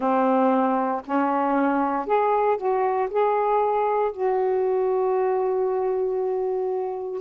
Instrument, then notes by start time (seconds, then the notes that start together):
saxophone
0.00 C4
1.05 C#4
2.06 G#4
2.57 F#4
3.10 G#4
4.11 F#4